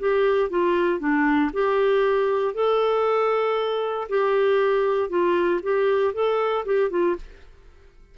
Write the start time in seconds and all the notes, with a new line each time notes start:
0.00 G4
0.50 F4
1.00 D4
1.53 G4
2.54 A4
4.09 G4
5.10 F4
5.63 G4
6.14 A4
6.66 G4
6.91 F4